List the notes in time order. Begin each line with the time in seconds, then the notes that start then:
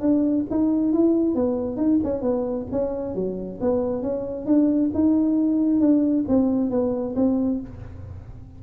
0.00 D4
0.50 D#4
0.93 E4
1.35 B3
1.76 D#4
2.03 C#4
2.21 B3
2.71 C#4
3.15 F#3
3.60 B3
4.02 C#4
4.45 D4
4.93 D#4
5.80 D4
6.27 C4
6.70 B3
7.15 C4